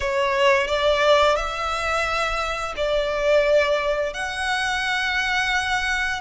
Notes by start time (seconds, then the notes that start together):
0.00 C#5
0.67 D5
1.36 E5
2.76 D5
4.13 F#5